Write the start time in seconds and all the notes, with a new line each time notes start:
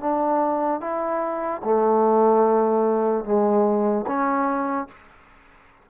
0.00 D4
0.80 E4
1.63 A3
3.24 G#3
4.07 C#4